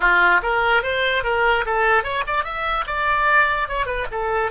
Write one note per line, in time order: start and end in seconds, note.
0.00 0.41 F4
0.42 0.83 A#4
0.83 1.23 C5
1.23 1.64 A#4
1.65 2.03 A4
2.03 2.24 C#5
2.26 2.44 D5
2.44 2.84 E5
2.86 3.68 D5
3.68 3.86 C#5
3.86 4.06 B4
4.11 4.51 A4